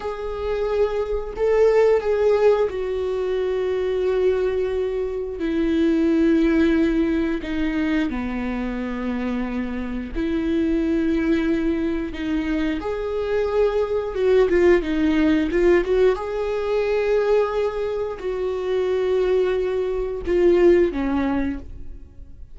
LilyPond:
\new Staff \with { instrumentName = "viola" } { \time 4/4 \tempo 4 = 89 gis'2 a'4 gis'4 | fis'1 | e'2. dis'4 | b2. e'4~ |
e'2 dis'4 gis'4~ | gis'4 fis'8 f'8 dis'4 f'8 fis'8 | gis'2. fis'4~ | fis'2 f'4 cis'4 | }